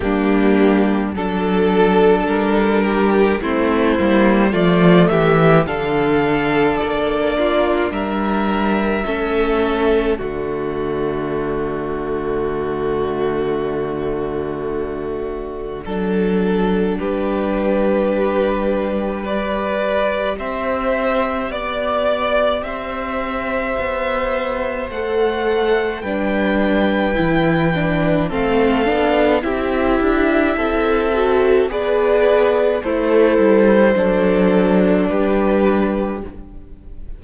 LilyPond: <<
  \new Staff \with { instrumentName = "violin" } { \time 4/4 \tempo 4 = 53 g'4 a'4 ais'4 c''4 | d''8 e''8 f''4 d''4 e''4~ | e''4 d''2.~ | d''2. b'4~ |
b'4 d''4 e''4 d''4 | e''2 fis''4 g''4~ | g''4 f''4 e''2 | d''4 c''2 b'4 | }
  \new Staff \with { instrumentName = "violin" } { \time 4/4 d'4 a'4. g'8 e'4 | f'8 g'8 a'4. f'8 ais'4 | a'4 fis'2.~ | fis'2 a'4 g'4~ |
g'4 b'4 c''4 d''4 | c''2. b'4~ | b'4 a'4 g'4 a'4 | b'4 e'4 a'4 g'4 | }
  \new Staff \with { instrumentName = "viola" } { \time 4/4 ais4 d'2 c'8 ais8 | a4 d'2. | cis'4 a2.~ | a2 d'2~ |
d'4 g'2.~ | g'2 a'4 d'4 | e'8 d'8 c'8 d'8 e'4. fis'8 | gis'4 a'4 d'2 | }
  \new Staff \with { instrumentName = "cello" } { \time 4/4 g4 fis4 g4 a8 g8 | f8 e8 d4 ais4 g4 | a4 d2.~ | d2 fis4 g4~ |
g2 c'4 b4 | c'4 b4 a4 g4 | e4 a8 b8 c'8 d'8 c'4 | b4 a8 g8 fis4 g4 | }
>>